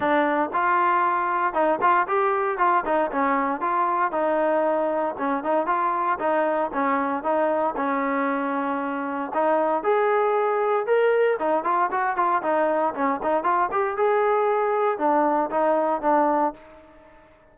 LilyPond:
\new Staff \with { instrumentName = "trombone" } { \time 4/4 \tempo 4 = 116 d'4 f'2 dis'8 f'8 | g'4 f'8 dis'8 cis'4 f'4 | dis'2 cis'8 dis'8 f'4 | dis'4 cis'4 dis'4 cis'4~ |
cis'2 dis'4 gis'4~ | gis'4 ais'4 dis'8 f'8 fis'8 f'8 | dis'4 cis'8 dis'8 f'8 g'8 gis'4~ | gis'4 d'4 dis'4 d'4 | }